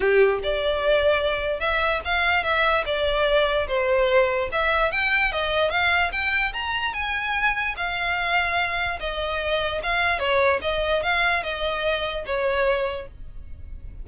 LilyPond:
\new Staff \with { instrumentName = "violin" } { \time 4/4 \tempo 4 = 147 g'4 d''2. | e''4 f''4 e''4 d''4~ | d''4 c''2 e''4 | g''4 dis''4 f''4 g''4 |
ais''4 gis''2 f''4~ | f''2 dis''2 | f''4 cis''4 dis''4 f''4 | dis''2 cis''2 | }